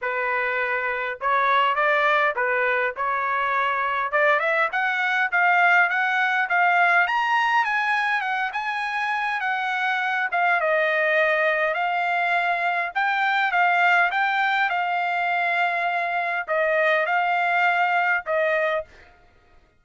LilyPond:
\new Staff \with { instrumentName = "trumpet" } { \time 4/4 \tempo 4 = 102 b'2 cis''4 d''4 | b'4 cis''2 d''8 e''8 | fis''4 f''4 fis''4 f''4 | ais''4 gis''4 fis''8 gis''4. |
fis''4. f''8 dis''2 | f''2 g''4 f''4 | g''4 f''2. | dis''4 f''2 dis''4 | }